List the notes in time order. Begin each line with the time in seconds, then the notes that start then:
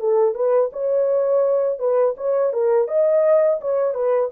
0.00 A4
0.35 B4
0.73 C#5
1.79 B4
2.18 C#5
2.53 A#4
2.88 D#5
3.61 C#5
3.95 B4